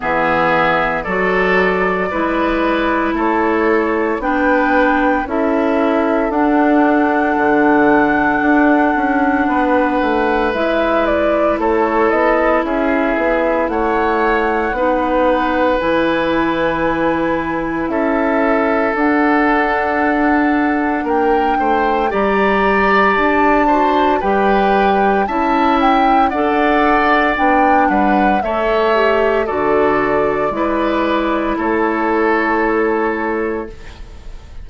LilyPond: <<
  \new Staff \with { instrumentName = "flute" } { \time 4/4 \tempo 4 = 57 e''4 d''2 cis''4 | g''4 e''4 fis''2~ | fis''2 e''8 d''8 cis''8 dis''8 | e''4 fis''2 gis''4~ |
gis''4 e''4 fis''2 | g''4 ais''4 a''4 g''4 | a''8 g''8 fis''4 g''8 fis''8 e''4 | d''2 cis''2 | }
  \new Staff \with { instrumentName = "oboe" } { \time 4/4 gis'4 a'4 b'4 a'4 | b'4 a'2.~ | a'4 b'2 a'4 | gis'4 cis''4 b'2~ |
b'4 a'2. | ais'8 c''8 d''4. c''8 b'4 | e''4 d''4. b'8 cis''4 | a'4 b'4 a'2 | }
  \new Staff \with { instrumentName = "clarinet" } { \time 4/4 b4 fis'4 e'2 | d'4 e'4 d'2~ | d'2 e'2~ | e'2 dis'4 e'4~ |
e'2 d'2~ | d'4 g'4. fis'8 g'4 | e'4 a'4 d'4 a'8 g'8 | fis'4 e'2. | }
  \new Staff \with { instrumentName = "bassoon" } { \time 4/4 e4 fis4 gis4 a4 | b4 cis'4 d'4 d4 | d'8 cis'8 b8 a8 gis4 a8 b8 | cis'8 b8 a4 b4 e4~ |
e4 cis'4 d'2 | ais8 a8 g4 d'4 g4 | cis'4 d'4 b8 g8 a4 | d4 gis4 a2 | }
>>